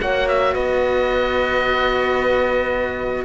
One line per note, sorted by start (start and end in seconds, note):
0.00 0.54 A#3
0.00 3.25 F#4
0.00 0.53 C#5
0.00 0.28 F#5
0.28 0.54 E5
0.53 3.25 B3
0.53 3.24 B4
0.53 3.24 D#5